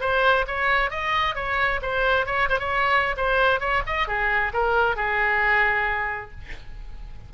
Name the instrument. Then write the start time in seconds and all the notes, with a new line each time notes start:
oboe
0.00 C5
0.47 C#5
0.90 D#5
1.35 C#5
1.81 C5
2.26 C#5
2.49 C5
2.59 C#5
3.16 C5
3.59 C#5
3.86 D#5
4.07 G#4
4.53 A#4
4.95 G#4